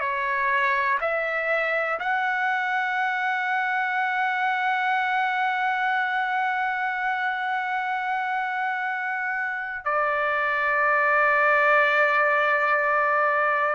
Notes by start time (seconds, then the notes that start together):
0.00 C#5
1.01 E5
2.00 F#5
9.85 D5